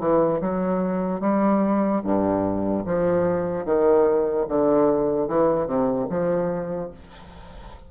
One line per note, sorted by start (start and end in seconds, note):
0.00 0.41 E3
0.41 1.21 F#3
1.21 2.02 G3
2.04 2.85 G2
2.86 3.65 F3
3.65 4.46 D#3
4.49 5.29 D3
5.29 5.66 E3
5.66 6.07 C3
6.10 6.91 F3